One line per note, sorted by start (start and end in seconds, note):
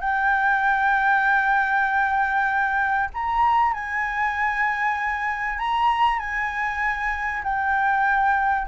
0.00 3.09 G5
3.14 3.73 A#5
3.73 5.59 G#5
5.59 6.19 A#5
6.19 7.43 G#5
7.43 8.67 G5